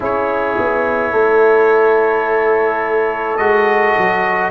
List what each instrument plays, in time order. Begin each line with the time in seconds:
0.00 tuba C#4, trombone E4, horn G#4, trumpet C#5
0.58 tuba B3
1.12 tuba A3, horn A4
3.37 tuba G#3, trombone F#4, trumpet D#5
3.97 tuba F#3